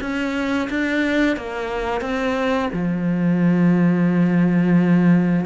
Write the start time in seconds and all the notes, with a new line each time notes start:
0.00 C#4
0.69 D4
1.36 A#3
2.01 C4
2.72 F3